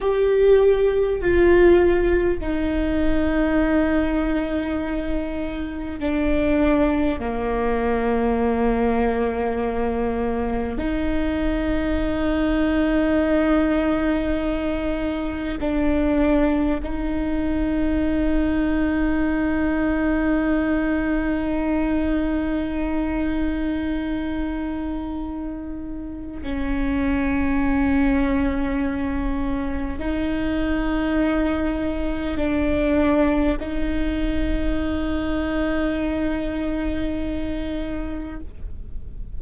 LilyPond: \new Staff \with { instrumentName = "viola" } { \time 4/4 \tempo 4 = 50 g'4 f'4 dis'2~ | dis'4 d'4 ais2~ | ais4 dis'2.~ | dis'4 d'4 dis'2~ |
dis'1~ | dis'2 cis'2~ | cis'4 dis'2 d'4 | dis'1 | }